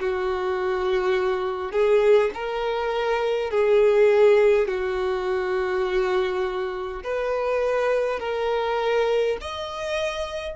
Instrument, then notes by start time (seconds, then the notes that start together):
violin
0.00 F#4
1.72 G#4
2.34 A#4
3.51 G#4
4.68 F#4
7.03 B4
8.20 A#4
9.41 D#5